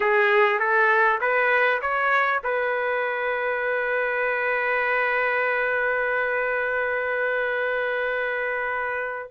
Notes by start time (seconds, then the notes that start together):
0.00 G#4
0.59 A4
1.21 B4
1.81 C#5
2.43 B4